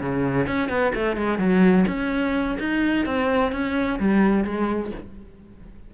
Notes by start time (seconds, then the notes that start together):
0.00 C#3
0.47 C#4
0.69 B3
0.94 A3
1.16 G#3
1.38 F#3
1.87 C#4
2.59 D#4
3.06 C4
3.52 C#4
3.99 G3
4.44 G#3